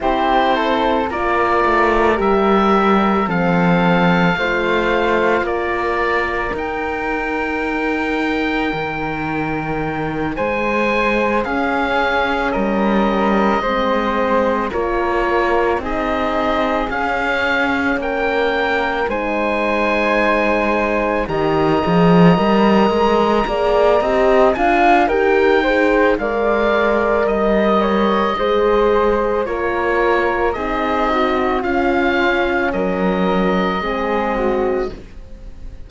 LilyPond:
<<
  \new Staff \with { instrumentName = "oboe" } { \time 4/4 \tempo 4 = 55 c''4 d''4 e''4 f''4~ | f''4 d''4 g''2~ | g''4. gis''4 f''4 dis''8~ | dis''4. cis''4 dis''4 f''8~ |
f''8 g''4 gis''2 ais''8~ | ais''2~ ais''8 gis''8 g''4 | f''4 dis''2 cis''4 | dis''4 f''4 dis''2 | }
  \new Staff \with { instrumentName = "flute" } { \time 4/4 g'8 a'8 ais'2 a'4 | c''4 ais'2.~ | ais'4. c''4 gis'4 ais'8~ | ais'8 c''4 ais'4 gis'4.~ |
gis'8 ais'4 c''2 dis''8~ | dis''4. d''8 dis''8 f''8 ais'8 c''8 | d''4 dis''8 cis''8 c''4 ais'4 | gis'8 fis'8 f'4 ais'4 gis'8 fis'8 | }
  \new Staff \with { instrumentName = "horn" } { \time 4/4 e'4 f'4 g'4 c'4 | f'2 dis'2~ | dis'2~ dis'8 cis'4.~ | cis'8 c'4 f'4 dis'4 cis'8~ |
cis'4. dis'2 g'8 | gis'8 ais'4 gis'8 g'8 f'8 g'8 gis'8 | ais'2 gis'4 f'4 | dis'4 cis'2 c'4 | }
  \new Staff \with { instrumentName = "cello" } { \time 4/4 c'4 ais8 a8 g4 f4 | a4 ais4 dis'2 | dis4. gis4 cis'4 g8~ | g8 gis4 ais4 c'4 cis'8~ |
cis'8 ais4 gis2 dis8 | f8 g8 gis8 ais8 c'8 d'8 dis'4 | gis4 g4 gis4 ais4 | c'4 cis'4 fis4 gis4 | }
>>